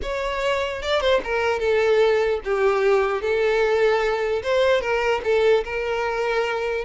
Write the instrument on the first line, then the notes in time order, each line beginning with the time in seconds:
violin
0.02 C#5
0.82 D5
1.00 C5
1.24 A#4
1.59 A4
2.44 G4
3.21 A4
4.42 C5
4.81 A#4
5.23 A4
5.64 A#4